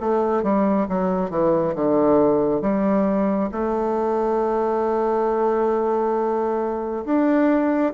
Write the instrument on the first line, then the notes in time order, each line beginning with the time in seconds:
bassoon
0.00 A3
0.43 G3
0.88 F#3
1.30 E3
1.75 D3
2.61 G3
3.52 A3
7.05 D4